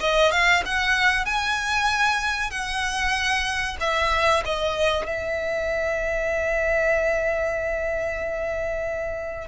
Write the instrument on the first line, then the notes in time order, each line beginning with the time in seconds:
violin
0.00 D#5
0.31 F5
0.65 F#5
1.25 G#5
2.51 F#5
3.80 E5
4.45 D#5
5.06 E5